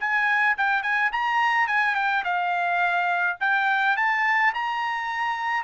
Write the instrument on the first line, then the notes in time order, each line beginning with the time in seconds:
trumpet
0.00 G#5
0.58 G5
0.83 G#5
1.12 A#5
1.67 G#5
1.95 G5
2.24 F5
3.40 G5
3.97 A5
4.54 A#5